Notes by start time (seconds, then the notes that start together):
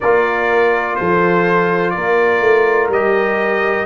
0.00 A#3 F4 A#4 D5
0.95 F3 A4 C5
1.90 A#3 A#4 D5
2.40 A3
2.88 G3 G4 D#5